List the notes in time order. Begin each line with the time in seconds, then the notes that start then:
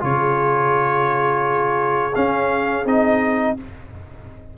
0.00 C#3 F4 G#4 C#5
2.15 C#4 F5
2.85 C4 D#4 D#5